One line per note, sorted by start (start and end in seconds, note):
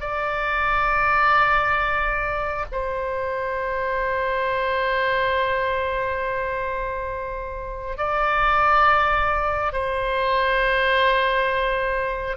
0.00 2.65 D5
2.72 7.98 C5
7.98 9.73 D5
9.73 12.37 C5